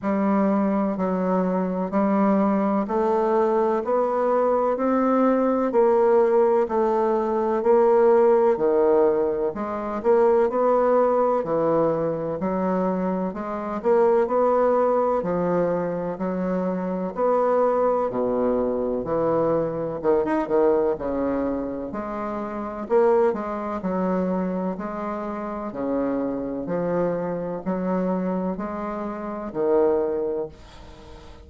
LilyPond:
\new Staff \with { instrumentName = "bassoon" } { \time 4/4 \tempo 4 = 63 g4 fis4 g4 a4 | b4 c'4 ais4 a4 | ais4 dis4 gis8 ais8 b4 | e4 fis4 gis8 ais8 b4 |
f4 fis4 b4 b,4 | e4 dis16 dis'16 dis8 cis4 gis4 | ais8 gis8 fis4 gis4 cis4 | f4 fis4 gis4 dis4 | }